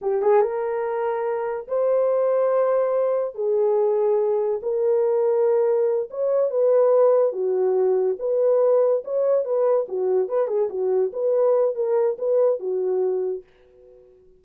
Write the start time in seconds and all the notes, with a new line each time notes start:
0.01 G4
0.22 G#4
0.41 A#4
1.67 C5
3.34 G#4
4.62 A#4
6.10 C#5
6.50 B4
7.32 F#4
8.19 B4
9.04 C#5
9.44 B4
9.88 F#4
10.28 B4
10.47 G#4
10.69 F#4
11.12 B4
11.75 A#4
12.18 B4
12.59 F#4